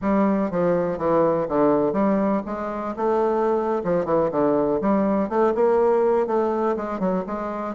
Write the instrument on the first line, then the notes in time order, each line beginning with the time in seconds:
bassoon
0.01 G3
0.51 F3
0.98 E3
1.48 D3
1.92 G3
2.46 G#3
2.96 A3
3.84 F3
4.05 E3
4.31 D3
4.81 G3
5.29 A3
5.54 A#3
6.27 A3
6.76 G#3
6.99 F#3
7.27 G#3